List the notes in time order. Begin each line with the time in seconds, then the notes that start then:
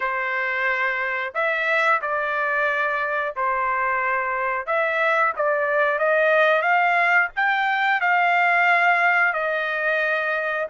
0.00 C5
1.34 E5
2.02 D5
3.35 C5
4.66 E5
5.36 D5
5.98 D#5
6.62 F5
7.36 G5
8.01 F5
9.33 D#5